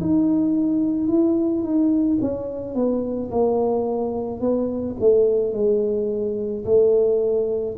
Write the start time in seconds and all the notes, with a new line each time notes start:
0.00 D#4
1.07 E4
1.63 D#4
2.21 C#4
2.75 B3
3.30 A#3
4.40 B3
5.00 A3
5.53 G#3
6.65 A3